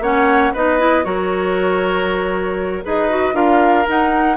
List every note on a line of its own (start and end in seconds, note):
0.00 0.51 A#3
0.00 0.54 C#4
0.00 0.54 C#5
0.00 0.54 F#5
0.54 1.05 B3
0.54 0.79 D#4
0.54 1.05 B4
0.54 1.05 D#5
0.79 1.04 E4
1.04 2.85 F#3
1.04 2.83 F#4
1.04 2.85 A#4
1.04 2.84 C#5
2.84 3.34 D#4
2.84 3.10 G#4
2.84 3.35 B4
2.84 3.35 D#5
3.10 3.33 F#4
3.33 3.85 D4
3.33 3.85 F4
3.33 4.37 A#4
3.33 3.87 F5
3.88 4.37 D#4
3.88 4.37 F#5